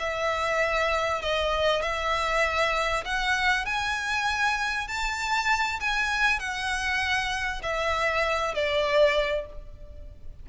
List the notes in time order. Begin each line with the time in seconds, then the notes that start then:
0.00 E5
1.22 D#5
1.82 E5
3.05 F#5
3.66 G#5
4.88 A5
5.81 G#5
6.40 F#5
7.63 E5
8.55 D5